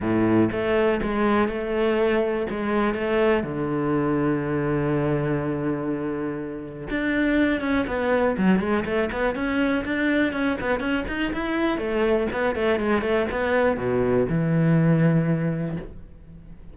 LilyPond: \new Staff \with { instrumentName = "cello" } { \time 4/4 \tempo 4 = 122 a,4 a4 gis4 a4~ | a4 gis4 a4 d4~ | d1~ | d2 d'4. cis'8 |
b4 fis8 gis8 a8 b8 cis'4 | d'4 cis'8 b8 cis'8 dis'8 e'4 | a4 b8 a8 gis8 a8 b4 | b,4 e2. | }